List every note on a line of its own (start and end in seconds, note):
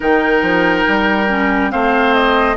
0.00 0.41 D#3
0.00 1.26 D#4
0.00 1.71 A#4
0.00 1.71 G5
0.41 0.84 F3
0.87 1.73 G3
1.28 1.70 C#4
1.70 2.56 A3
1.70 2.55 C4
1.70 2.56 C5
1.70 2.14 F5
2.14 2.56 D#5